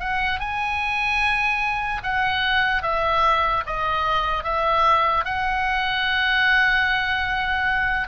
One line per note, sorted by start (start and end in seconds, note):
0.00 0.40 F#5
0.40 2.02 G#5
2.03 2.83 F#5
2.83 3.64 E5
3.67 4.44 D#5
4.44 5.25 E5
5.25 8.08 F#5